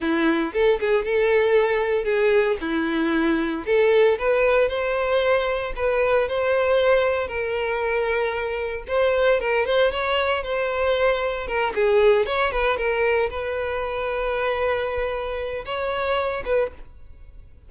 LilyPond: \new Staff \with { instrumentName = "violin" } { \time 4/4 \tempo 4 = 115 e'4 a'8 gis'8 a'2 | gis'4 e'2 a'4 | b'4 c''2 b'4 | c''2 ais'2~ |
ais'4 c''4 ais'8 c''8 cis''4 | c''2 ais'8 gis'4 cis''8 | b'8 ais'4 b'2~ b'8~ | b'2 cis''4. b'8 | }